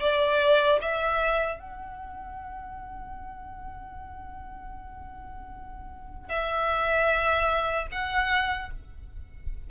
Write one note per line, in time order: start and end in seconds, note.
0.00 0.79 D5
0.81 1.59 E5
1.59 6.29 F#5
6.29 7.87 E5
7.91 8.70 F#5